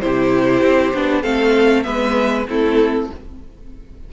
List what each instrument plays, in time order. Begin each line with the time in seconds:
0.00 cello C3, viola E4, violin G4 C5
0.61 cello C4
0.93 cello B3, viola D4
1.22 cello A3, viola C4, violin A4 F5
1.83 cello G#3, viola B3, violin B4 E5
2.48 cello A3, viola C4, violin E4 A4